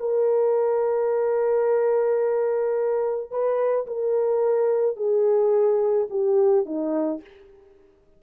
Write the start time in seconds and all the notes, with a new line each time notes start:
0.00 A#4
3.31 B4
3.87 A#4
4.97 G#4
6.10 G4
6.66 D#4